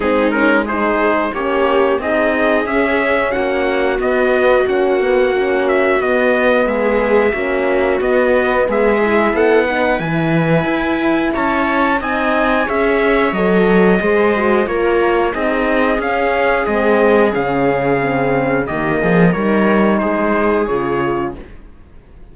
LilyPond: <<
  \new Staff \with { instrumentName = "trumpet" } { \time 4/4 \tempo 4 = 90 gis'8 ais'8 c''4 cis''4 dis''4 | e''4 fis''4 dis''4 fis''4~ | fis''8 e''8 dis''4 e''2 | dis''4 e''4 fis''4 gis''4~ |
gis''4 a''4 gis''4 e''4 | dis''2 cis''4 dis''4 | f''4 dis''4 f''2 | dis''4 cis''4 c''4 cis''4 | }
  \new Staff \with { instrumentName = "viola" } { \time 4/4 dis'4 gis'4 g'4 gis'4~ | gis'4 fis'2.~ | fis'2 gis'4 fis'4~ | fis'4 gis'4 a'8 b'4.~ |
b'4 cis''4 dis''4 cis''4~ | cis''4 c''4 ais'4 gis'4~ | gis'1 | g'8 gis'8 ais'4 gis'2 | }
  \new Staff \with { instrumentName = "horn" } { \time 4/4 c'8 cis'8 dis'4 cis'4 dis'4 | cis'2 b4 cis'8 b8 | cis'4 b2 cis'4 | b4. e'4 dis'8 e'4~ |
e'2 dis'4 gis'4 | a'4 gis'8 fis'8 f'4 dis'4 | cis'4 c'4 cis'4 c'4 | ais4 dis'2 f'4 | }
  \new Staff \with { instrumentName = "cello" } { \time 4/4 gis2 ais4 c'4 | cis'4 ais4 b4 ais4~ | ais4 b4 gis4 ais4 | b4 gis4 b4 e4 |
e'4 cis'4 c'4 cis'4 | fis4 gis4 ais4 c'4 | cis'4 gis4 cis2 | dis8 f8 g4 gis4 cis4 | }
>>